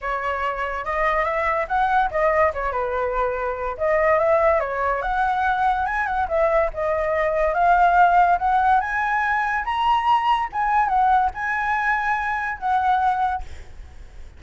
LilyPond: \new Staff \with { instrumentName = "flute" } { \time 4/4 \tempo 4 = 143 cis''2 dis''4 e''4 | fis''4 dis''4 cis''8 b'4.~ | b'4 dis''4 e''4 cis''4 | fis''2 gis''8 fis''8 e''4 |
dis''2 f''2 | fis''4 gis''2 ais''4~ | ais''4 gis''4 fis''4 gis''4~ | gis''2 fis''2 | }